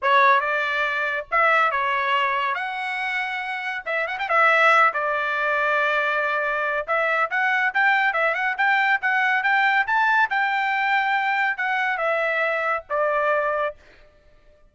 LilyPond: \new Staff \with { instrumentName = "trumpet" } { \time 4/4 \tempo 4 = 140 cis''4 d''2 e''4 | cis''2 fis''2~ | fis''4 e''8 fis''16 g''16 e''4. d''8~ | d''1 |
e''4 fis''4 g''4 e''8 fis''8 | g''4 fis''4 g''4 a''4 | g''2. fis''4 | e''2 d''2 | }